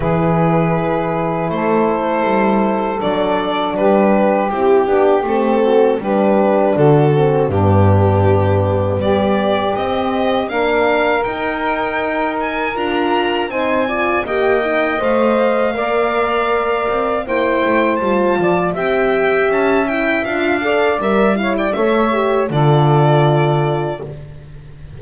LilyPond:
<<
  \new Staff \with { instrumentName = "violin" } { \time 4/4 \tempo 4 = 80 b'2 c''2 | d''4 b'4 g'4 a'4 | b'4 a'4 g'2 | d''4 dis''4 f''4 g''4~ |
g''8 gis''8 ais''4 gis''4 g''4 | f''2. g''4 | a''4 g''4 a''8 g''8 f''4 | e''8 f''16 g''16 e''4 d''2 | }
  \new Staff \with { instrumentName = "saxophone" } { \time 4/4 gis'2 a'2~ | a'4 g'2~ g'8 fis'8 | g'4 fis'4 d'2 | g'2 ais'2~ |
ais'2 c''8 d''8 dis''4~ | dis''4 d''2 c''4~ | c''8 d''8 e''2~ e''8 d''8~ | d''8 cis''16 d''16 cis''4 a'2 | }
  \new Staff \with { instrumentName = "horn" } { \time 4/4 e'1 | d'2 e'8 d'8 c'4 | d'4. c'8 b2~ | b4 c'4 d'4 dis'4~ |
dis'4 f'4 dis'8 f'8 g'8 dis'8 | c''4 ais'2 e'4 | f'4 g'4. e'8 f'8 a'8 | ais'8 e'8 a'8 g'8 f'2 | }
  \new Staff \with { instrumentName = "double bass" } { \time 4/4 e2 a4 g4 | fis4 g4 c'8 b8 a4 | g4 d4 g,2 | g4 c'4 ais4 dis'4~ |
dis'4 d'4 c'4 ais4 | a4 ais4. c'8 ais8 a8 | g8 f8 c'4 cis'4 d'4 | g4 a4 d2 | }
>>